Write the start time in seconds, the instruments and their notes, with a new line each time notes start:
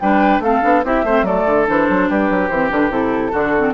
0.00 bassoon G3, clarinet D4, oboe B4, flute G5
0.39 bassoon A3, clarinet C4, oboe A4, flute F5
0.62 bassoon B3, clarinet D4
0.84 bassoon C4, clarinet E4, oboe G4, flute E5
1.04 bassoon A3, clarinet C4, oboe C5
1.22 bassoon F#3, clarinet A3, oboe A4, flute D5
1.46 bassoon D3
1.67 bassoon E3, clarinet D4, flute C5
1.89 bassoon F#3
2.09 bassoon G3, oboe G4, flute B4
2.30 bassoon F#3
2.49 bassoon E3, clarinet C4, flute C5
2.70 bassoon D3, clarinet D4, flute B4
2.89 bassoon C3, clarinet E4, flute A4
3.32 bassoon D3, clarinet D4, oboe F#4
3.57 clarinet C4